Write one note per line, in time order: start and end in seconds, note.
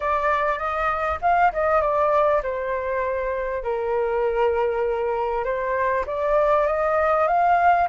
0.00 0.58 D5
0.58 1.18 D#5
1.21 1.52 F5
1.52 1.81 D#5
1.81 2.41 D5
2.42 3.63 C5
3.63 5.44 A#4
5.44 6.04 C5
6.06 6.67 D5
6.67 7.27 D#5
7.27 7.88 F5